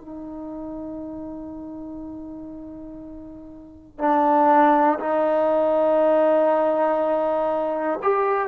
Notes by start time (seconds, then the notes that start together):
0.00 D#4
3.99 D4
5.00 D#4
8.03 G4